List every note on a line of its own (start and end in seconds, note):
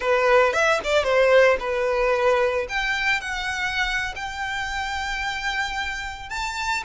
0.00 0.53 B4
0.53 0.80 E5
0.84 1.03 D5
1.03 1.57 C5
1.59 2.66 B4
2.68 3.20 G5
3.20 4.14 F#5
4.15 6.29 G5
6.29 6.83 A5